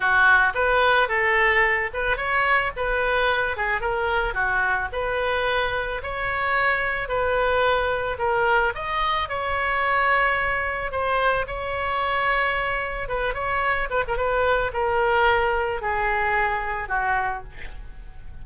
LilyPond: \new Staff \with { instrumentName = "oboe" } { \time 4/4 \tempo 4 = 110 fis'4 b'4 a'4. b'8 | cis''4 b'4. gis'8 ais'4 | fis'4 b'2 cis''4~ | cis''4 b'2 ais'4 |
dis''4 cis''2. | c''4 cis''2. | b'8 cis''4 b'16 ais'16 b'4 ais'4~ | ais'4 gis'2 fis'4 | }